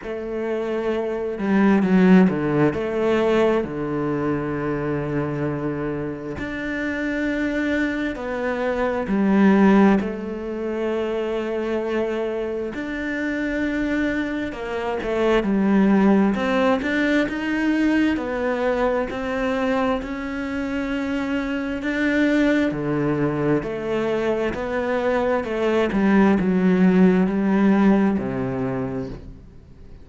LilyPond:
\new Staff \with { instrumentName = "cello" } { \time 4/4 \tempo 4 = 66 a4. g8 fis8 d8 a4 | d2. d'4~ | d'4 b4 g4 a4~ | a2 d'2 |
ais8 a8 g4 c'8 d'8 dis'4 | b4 c'4 cis'2 | d'4 d4 a4 b4 | a8 g8 fis4 g4 c4 | }